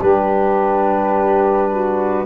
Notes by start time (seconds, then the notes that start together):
0.00 G3 D4 G4 B4
1.71 F#4